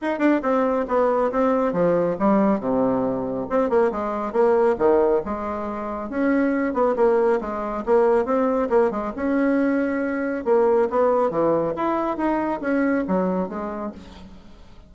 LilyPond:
\new Staff \with { instrumentName = "bassoon" } { \time 4/4 \tempo 4 = 138 dis'8 d'8 c'4 b4 c'4 | f4 g4 c2 | c'8 ais8 gis4 ais4 dis4 | gis2 cis'4. b8 |
ais4 gis4 ais4 c'4 | ais8 gis8 cis'2. | ais4 b4 e4 e'4 | dis'4 cis'4 fis4 gis4 | }